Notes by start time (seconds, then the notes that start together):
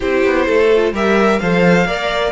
0.00 C4 E4 G4 C5
0.25 B3
0.46 A3 A4
0.75 F4
0.92 G3 G4 A#4 E5
1.39 F3 A4 C5 F5
1.85 A#3 A#4 D5